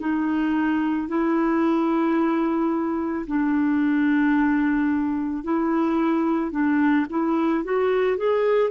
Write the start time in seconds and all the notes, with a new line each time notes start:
0.00 D#4
1.08 E4
3.27 D4
5.44 E4
6.52 D4
7.10 E4
7.64 F#4
8.18 G#4